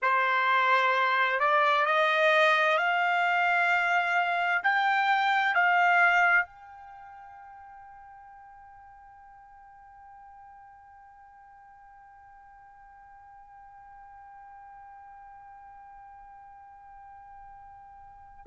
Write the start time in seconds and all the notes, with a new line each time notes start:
0.02 C5
1.39 D5
1.85 D#5
2.77 F5
4.63 G5
5.54 F5
6.45 G5